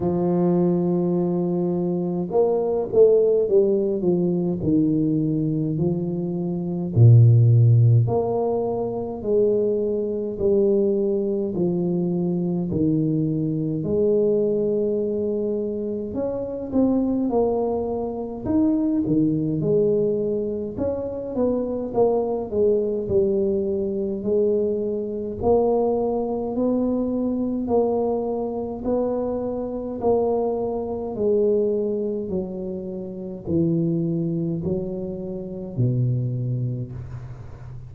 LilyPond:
\new Staff \with { instrumentName = "tuba" } { \time 4/4 \tempo 4 = 52 f2 ais8 a8 g8 f8 | dis4 f4 ais,4 ais4 | gis4 g4 f4 dis4 | gis2 cis'8 c'8 ais4 |
dis'8 dis8 gis4 cis'8 b8 ais8 gis8 | g4 gis4 ais4 b4 | ais4 b4 ais4 gis4 | fis4 e4 fis4 b,4 | }